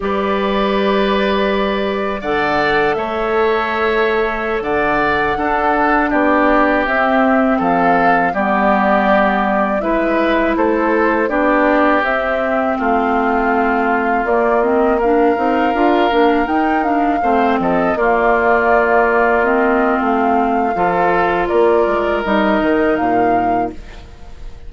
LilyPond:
<<
  \new Staff \with { instrumentName = "flute" } { \time 4/4 \tempo 4 = 81 d''2. fis''4 | e''2~ e''16 fis''4.~ fis''16~ | fis''16 d''4 e''4 f''4 d''8.~ | d''4~ d''16 e''4 c''4 d''8.~ |
d''16 e''4 f''2 d''8 dis''16~ | dis''16 f''2 g''8 f''4 dis''16~ | dis''16 d''2 dis''8. f''4~ | f''4 d''4 dis''4 f''4 | }
  \new Staff \with { instrumentName = "oboe" } { \time 4/4 b'2. d''4 | cis''2~ cis''16 d''4 a'8.~ | a'16 g'2 a'4 g'8.~ | g'4~ g'16 b'4 a'4 g'8.~ |
g'4~ g'16 f'2~ f'8.~ | f'16 ais'2. c''8 a'16~ | a'16 f'2.~ f'8. | a'4 ais'2. | }
  \new Staff \with { instrumentName = "clarinet" } { \time 4/4 g'2. a'4~ | a'2.~ a'16 d'8.~ | d'4~ d'16 c'2 b8.~ | b4~ b16 e'2 d'8.~ |
d'16 c'2. ais8 c'16~ | c'16 d'8 dis'8 f'8 d'8 dis'8 d'8 c'8.~ | c'16 ais2 c'4.~ c'16 | f'2 dis'2 | }
  \new Staff \with { instrumentName = "bassoon" } { \time 4/4 g2. d4 | a2~ a16 d4 d'8.~ | d'16 b4 c'4 f4 g8.~ | g4~ g16 gis4 a4 b8.~ |
b16 c'4 a2 ais8.~ | ais8. c'8 d'8 ais8 dis'4 a8 f16~ | f16 ais2~ ais8. a4 | f4 ais8 gis8 g8 dis8 ais,4 | }
>>